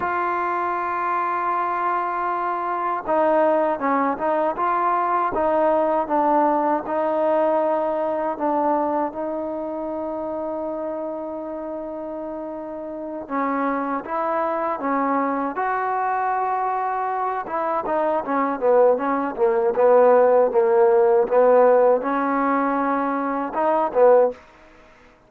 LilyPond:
\new Staff \with { instrumentName = "trombone" } { \time 4/4 \tempo 4 = 79 f'1 | dis'4 cis'8 dis'8 f'4 dis'4 | d'4 dis'2 d'4 | dis'1~ |
dis'4. cis'4 e'4 cis'8~ | cis'8 fis'2~ fis'8 e'8 dis'8 | cis'8 b8 cis'8 ais8 b4 ais4 | b4 cis'2 dis'8 b8 | }